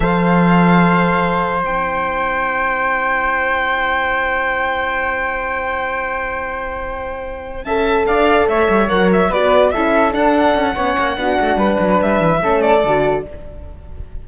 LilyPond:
<<
  \new Staff \with { instrumentName = "violin" } { \time 4/4 \tempo 4 = 145 f''1 | g''1~ | g''1~ | g''1~ |
g''2~ g''8 a''4 f''8~ | f''8 e''4 fis''8 e''8 d''4 e''8~ | e''8 fis''2.~ fis''8~ | fis''4 e''4. d''4. | }
  \new Staff \with { instrumentName = "flute" } { \time 4/4 c''1~ | c''1~ | c''1~ | c''1~ |
c''2~ c''8 e''4 d''8~ | d''8 cis''2 b'4 a'8~ | a'2 cis''4 fis'4 | b'2 a'2 | }
  \new Staff \with { instrumentName = "horn" } { \time 4/4 a'1 | e'1~ | e'1~ | e'1~ |
e'2~ e'8 a'4.~ | a'4. ais'4 fis'4 e'8~ | e'8 d'4. cis'4 d'4~ | d'2 cis'4 fis'4 | }
  \new Staff \with { instrumentName = "cello" } { \time 4/4 f1 | c'1~ | c'1~ | c'1~ |
c'2~ c'8 cis'4 d'8~ | d'8 a8 g8 fis4 b4 cis'8~ | cis'8 d'4 cis'8 b8 ais8 b8 a8 | g8 fis8 g8 e8 a4 d4 | }
>>